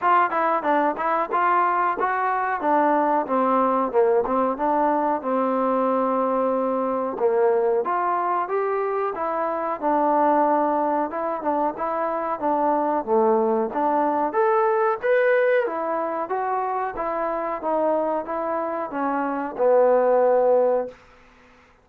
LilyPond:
\new Staff \with { instrumentName = "trombone" } { \time 4/4 \tempo 4 = 92 f'8 e'8 d'8 e'8 f'4 fis'4 | d'4 c'4 ais8 c'8 d'4 | c'2. ais4 | f'4 g'4 e'4 d'4~ |
d'4 e'8 d'8 e'4 d'4 | a4 d'4 a'4 b'4 | e'4 fis'4 e'4 dis'4 | e'4 cis'4 b2 | }